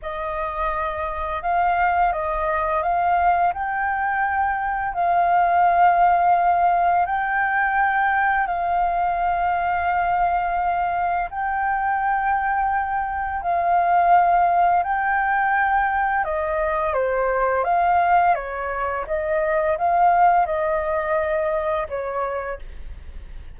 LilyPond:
\new Staff \with { instrumentName = "flute" } { \time 4/4 \tempo 4 = 85 dis''2 f''4 dis''4 | f''4 g''2 f''4~ | f''2 g''2 | f''1 |
g''2. f''4~ | f''4 g''2 dis''4 | c''4 f''4 cis''4 dis''4 | f''4 dis''2 cis''4 | }